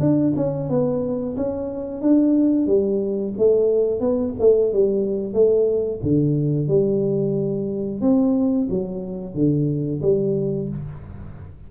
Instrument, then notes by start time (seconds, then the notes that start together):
tuba
0.00 D4
0.36 C#4
0.70 B3
1.37 C#4
2.02 D4
2.67 G3
3.38 A3
4.01 B3
4.40 A3
4.73 G3
5.34 A3
6.03 D3
6.68 G3
8.01 C4
8.70 F#3
9.35 D3
10.02 G3